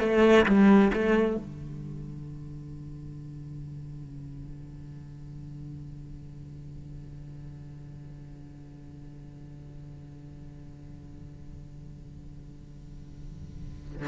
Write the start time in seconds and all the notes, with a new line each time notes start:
0.00 A3
0.46 G3
0.93 A3
1.37 D3